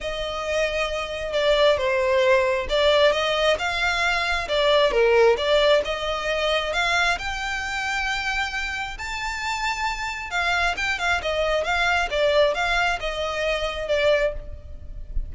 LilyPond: \new Staff \with { instrumentName = "violin" } { \time 4/4 \tempo 4 = 134 dis''2. d''4 | c''2 d''4 dis''4 | f''2 d''4 ais'4 | d''4 dis''2 f''4 |
g''1 | a''2. f''4 | g''8 f''8 dis''4 f''4 d''4 | f''4 dis''2 d''4 | }